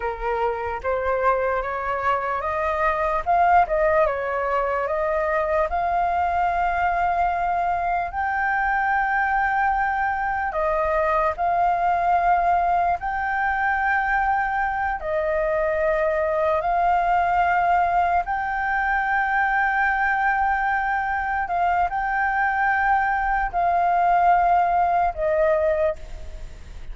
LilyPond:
\new Staff \with { instrumentName = "flute" } { \time 4/4 \tempo 4 = 74 ais'4 c''4 cis''4 dis''4 | f''8 dis''8 cis''4 dis''4 f''4~ | f''2 g''2~ | g''4 dis''4 f''2 |
g''2~ g''8 dis''4.~ | dis''8 f''2 g''4.~ | g''2~ g''8 f''8 g''4~ | g''4 f''2 dis''4 | }